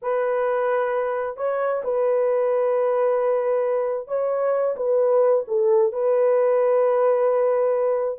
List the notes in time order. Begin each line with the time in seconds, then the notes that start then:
0.02 B4
1.36 C#5
1.83 B4
4.07 C#5
4.76 B4
5.47 A4
5.92 B4